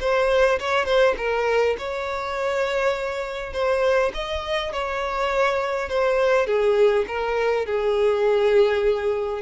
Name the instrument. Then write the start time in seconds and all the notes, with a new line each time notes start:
violin
0.00 C5
0.60 C#5
0.86 C5
1.18 A#4
1.78 C#5
3.53 C5
4.14 D#5
4.72 C#5
5.89 C5
6.47 G#4
7.07 A#4
7.66 G#4